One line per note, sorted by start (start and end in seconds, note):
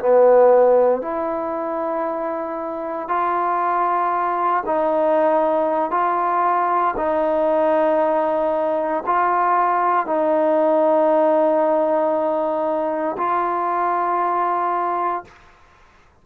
0.00 1.02 B3
1.02 3.09 E4
3.09 4.64 F4
4.66 5.91 D#4
5.91 6.95 F4
6.97 9.04 D#4
9.06 10.06 F4
10.06 13.17 D#4
13.18 15.25 F4